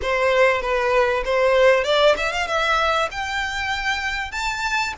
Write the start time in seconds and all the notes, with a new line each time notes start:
0.02 C5
0.61 B4
1.24 C5
1.84 D5
2.17 E5
2.32 F5
2.47 E5
3.11 G5
4.31 A5